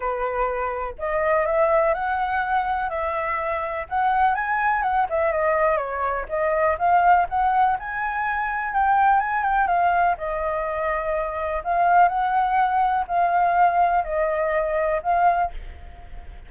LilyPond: \new Staff \with { instrumentName = "flute" } { \time 4/4 \tempo 4 = 124 b'2 dis''4 e''4 | fis''2 e''2 | fis''4 gis''4 fis''8 e''8 dis''4 | cis''4 dis''4 f''4 fis''4 |
gis''2 g''4 gis''8 g''8 | f''4 dis''2. | f''4 fis''2 f''4~ | f''4 dis''2 f''4 | }